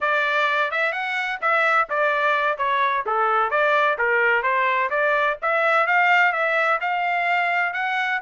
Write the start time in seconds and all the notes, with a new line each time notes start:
0.00 D5
0.71 E5
0.92 F#5
1.41 E5
1.89 D5
2.57 C#5
3.06 A4
3.50 D5
3.97 A#4
4.42 C5
4.90 D5
5.42 E5
5.86 F5
6.32 E5
6.80 F5
7.73 F#5